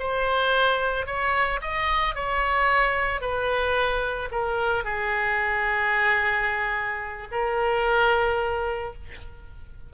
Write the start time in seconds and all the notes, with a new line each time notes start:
0.00 C5
1.07 C#5
1.62 D#5
2.16 C#5
3.21 B4
4.32 A#4
4.85 G#4
7.32 A#4